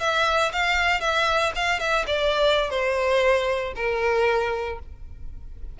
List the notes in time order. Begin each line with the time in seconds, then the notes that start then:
0.00 E5
0.52 F5
1.00 E5
1.55 F5
1.79 E5
2.07 D5
2.70 C5
3.76 A#4